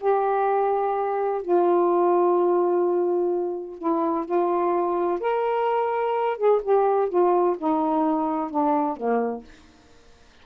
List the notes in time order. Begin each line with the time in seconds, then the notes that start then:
0.00 G4
1.42 F4
3.78 E4
4.25 F4
5.20 A#4
6.37 G#4
6.62 G4
7.09 F4
7.58 D#4
8.50 D4
8.96 A#3